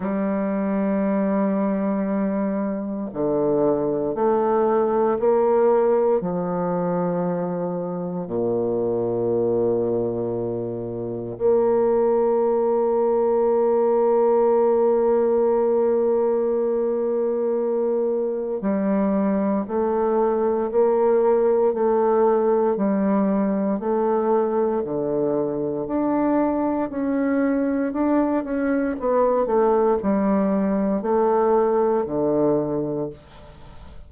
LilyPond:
\new Staff \with { instrumentName = "bassoon" } { \time 4/4 \tempo 4 = 58 g2. d4 | a4 ais4 f2 | ais,2. ais4~ | ais1~ |
ais2 g4 a4 | ais4 a4 g4 a4 | d4 d'4 cis'4 d'8 cis'8 | b8 a8 g4 a4 d4 | }